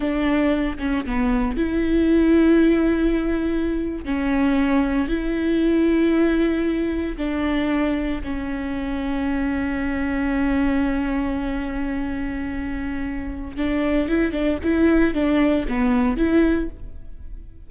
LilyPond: \new Staff \with { instrumentName = "viola" } { \time 4/4 \tempo 4 = 115 d'4. cis'8 b4 e'4~ | e'2.~ e'8. cis'16~ | cis'4.~ cis'16 e'2~ e'16~ | e'4.~ e'16 d'2 cis'16~ |
cis'1~ | cis'1~ | cis'2 d'4 e'8 d'8 | e'4 d'4 b4 e'4 | }